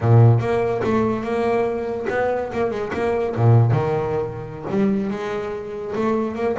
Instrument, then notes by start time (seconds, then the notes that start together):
double bass
0.00 A#2
0.39 A#3
0.84 A3
1.23 A#3
2.09 B3
2.52 A#3
2.70 G#3
2.93 A#3
3.35 A#2
3.71 D#3
4.70 G3
5.10 G#3
5.95 A3
6.35 A#3